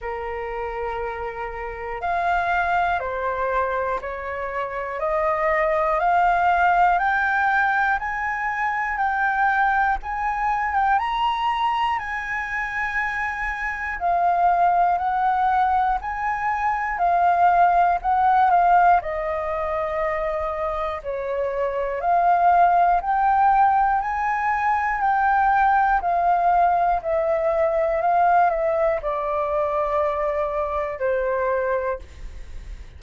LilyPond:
\new Staff \with { instrumentName = "flute" } { \time 4/4 \tempo 4 = 60 ais'2 f''4 c''4 | cis''4 dis''4 f''4 g''4 | gis''4 g''4 gis''8. g''16 ais''4 | gis''2 f''4 fis''4 |
gis''4 f''4 fis''8 f''8 dis''4~ | dis''4 cis''4 f''4 g''4 | gis''4 g''4 f''4 e''4 | f''8 e''8 d''2 c''4 | }